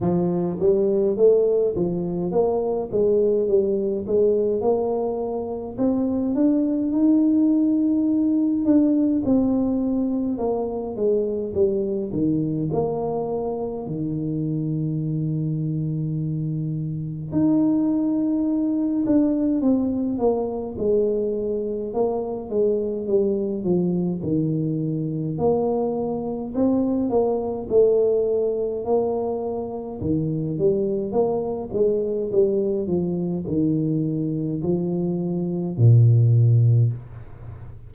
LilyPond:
\new Staff \with { instrumentName = "tuba" } { \time 4/4 \tempo 4 = 52 f8 g8 a8 f8 ais8 gis8 g8 gis8 | ais4 c'8 d'8 dis'4. d'8 | c'4 ais8 gis8 g8 dis8 ais4 | dis2. dis'4~ |
dis'8 d'8 c'8 ais8 gis4 ais8 gis8 | g8 f8 dis4 ais4 c'8 ais8 | a4 ais4 dis8 g8 ais8 gis8 | g8 f8 dis4 f4 ais,4 | }